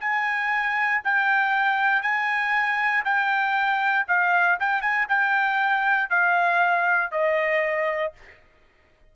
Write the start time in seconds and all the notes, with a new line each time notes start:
0.00 G#5
1.04 G5
2.02 G#5
3.05 G5
4.08 F5
4.60 G5
4.81 G#5
5.08 G5
6.10 F5
7.11 D#5